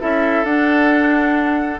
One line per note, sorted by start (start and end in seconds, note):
0.00 0.44 C#4
0.00 0.45 E4
0.00 1.80 A4
0.00 0.45 E5
0.44 1.79 D4
0.44 1.80 D4
0.44 1.80 F#5